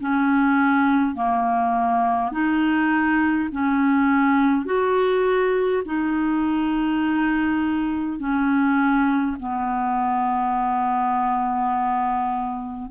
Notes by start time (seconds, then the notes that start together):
0.00 C#4
1.15 A#3
2.32 D#4
3.51 C#4
4.65 F#4
5.85 D#4
8.19 C#4
9.39 B3